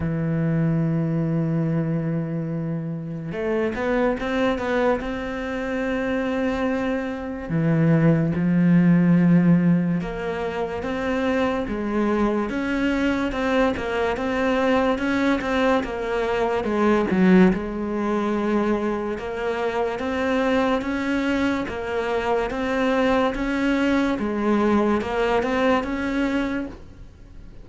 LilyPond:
\new Staff \with { instrumentName = "cello" } { \time 4/4 \tempo 4 = 72 e1 | a8 b8 c'8 b8 c'2~ | c'4 e4 f2 | ais4 c'4 gis4 cis'4 |
c'8 ais8 c'4 cis'8 c'8 ais4 | gis8 fis8 gis2 ais4 | c'4 cis'4 ais4 c'4 | cis'4 gis4 ais8 c'8 cis'4 | }